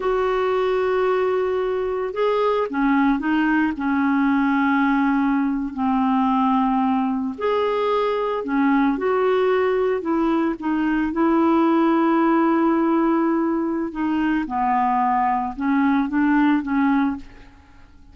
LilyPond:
\new Staff \with { instrumentName = "clarinet" } { \time 4/4 \tempo 4 = 112 fis'1 | gis'4 cis'4 dis'4 cis'4~ | cis'2~ cis'8. c'4~ c'16~ | c'4.~ c'16 gis'2 cis'16~ |
cis'8. fis'2 e'4 dis'16~ | dis'8. e'2.~ e'16~ | e'2 dis'4 b4~ | b4 cis'4 d'4 cis'4 | }